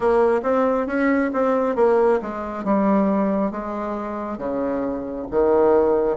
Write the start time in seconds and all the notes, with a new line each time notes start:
0.00 A#3
0.43 C4
0.86 C#4
1.33 C4
1.75 A#3
2.22 G#3
2.64 G3
3.51 G#3
4.38 C#3
5.30 D#3